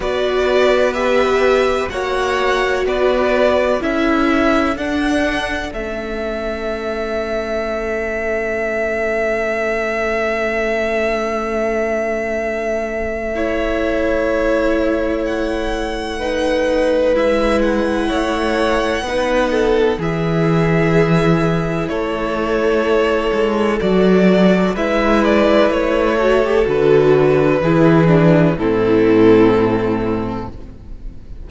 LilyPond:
<<
  \new Staff \with { instrumentName = "violin" } { \time 4/4 \tempo 4 = 63 d''4 e''4 fis''4 d''4 | e''4 fis''4 e''2~ | e''1~ | e''1 |
fis''2 e''8 fis''4.~ | fis''4 e''2 cis''4~ | cis''4 d''4 e''8 d''8 cis''4 | b'2 a'2 | }
  \new Staff \with { instrumentName = "violin" } { \time 4/4 b'2 cis''4 b'4 | a'1~ | a'1~ | a'2 cis''2~ |
cis''4 b'2 cis''4 | b'8 a'8 gis'2 a'4~ | a'2 b'4. a'8~ | a'4 gis'4 e'2 | }
  \new Staff \with { instrumentName = "viola" } { \time 4/4 fis'4 g'4 fis'2 | e'4 d'4 cis'2~ | cis'1~ | cis'2 e'2~ |
e'4 dis'4 e'2 | dis'4 e'2.~ | e'4 fis'4 e'4. fis'16 g'16 | fis'4 e'8 d'8 c'2 | }
  \new Staff \with { instrumentName = "cello" } { \time 4/4 b2 ais4 b4 | cis'4 d'4 a2~ | a1~ | a1~ |
a2 gis4 a4 | b4 e2 a4~ | a8 gis8 fis4 gis4 a4 | d4 e4 a,2 | }
>>